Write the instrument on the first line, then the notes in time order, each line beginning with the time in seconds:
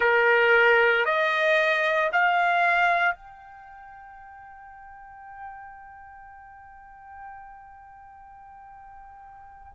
trumpet
0.00 A#4
1.05 D#5
2.12 F5
3.14 G5